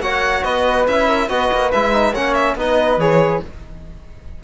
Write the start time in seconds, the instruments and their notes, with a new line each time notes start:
0.00 cello A#3, trombone F#4, flute C#5, violin F#5
0.43 cello B3, flute B4, violin D#5
0.87 cello C#4, trombone E4, violin E5
1.07 flute A#4
1.28 cello B3, trombone F#4, flute B4, violin D#5
1.52 cello A#3
1.71 cello G#3, trombone E4, violin E5
1.93 trombone D#4
2.12 cello A#3, trombone C#4, flute C#5, violin F#5
2.34 violin E5
2.55 cello B3, trombone D#4, flute B4, violin D#5
2.97 cello E3, trombone G#4, violin C#5